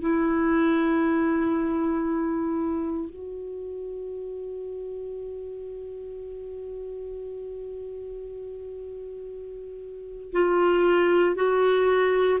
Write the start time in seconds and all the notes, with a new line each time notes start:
0.00 E4
3.09 F#4
10.32 F4
11.35 F#4